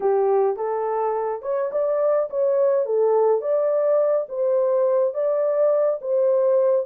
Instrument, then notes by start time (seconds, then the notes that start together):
horn
0.00 G4
0.56 A4
1.42 C#5
1.72 D5
2.30 C#5
2.85 A4
3.41 D5
4.28 C5
5.14 D5
6.01 C5